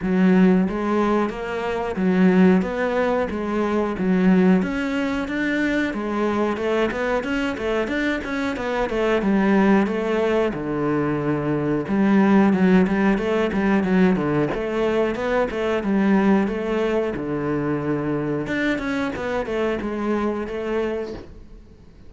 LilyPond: \new Staff \with { instrumentName = "cello" } { \time 4/4 \tempo 4 = 91 fis4 gis4 ais4 fis4 | b4 gis4 fis4 cis'4 | d'4 gis4 a8 b8 cis'8 a8 | d'8 cis'8 b8 a8 g4 a4 |
d2 g4 fis8 g8 | a8 g8 fis8 d8 a4 b8 a8 | g4 a4 d2 | d'8 cis'8 b8 a8 gis4 a4 | }